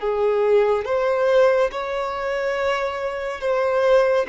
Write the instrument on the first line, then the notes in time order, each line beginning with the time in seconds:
violin
0.00 G#4
0.85 C5
1.71 C#5
3.41 C5